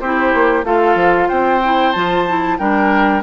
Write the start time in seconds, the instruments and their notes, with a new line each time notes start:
0.00 bassoon C4, clarinet E4, oboe G4, flute C5
0.34 bassoon A#3
0.64 bassoon A3, clarinet F4, oboe A4, flute F5
0.95 bassoon F3
1.28 bassoon C4, oboe C5, flute G5
1.63 clarinet E4
1.92 bassoon F3, clarinet F4, flute A5
2.28 clarinet E4
2.58 bassoon G3, clarinet D4, oboe A#4, flute G5